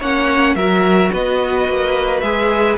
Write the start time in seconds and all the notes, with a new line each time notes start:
0.00 A#3 C#4 C#5 F#5
0.56 F#3 F#4 A#4 E5
1.13 B3 B4 D#5
1.69 A#3
2.21 G#3 G#4 E5